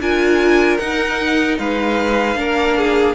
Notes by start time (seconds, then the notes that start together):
0.00 D4 F4 A#4 G#5
0.78 D#4 F#5
1.59 G#3 B4 F5
2.36 A#3 D4 A#4
2.78 G#4